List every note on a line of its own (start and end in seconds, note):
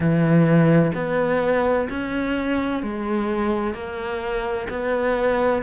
0.00 0.92 E3
0.94 1.88 B3
1.89 2.83 C#4
2.83 3.74 G#3
3.74 4.67 A#3
4.69 5.62 B3